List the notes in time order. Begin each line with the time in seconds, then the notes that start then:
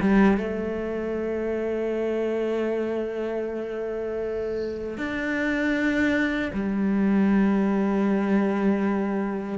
0.00 G3
0.38 A3
4.98 D4
6.53 G3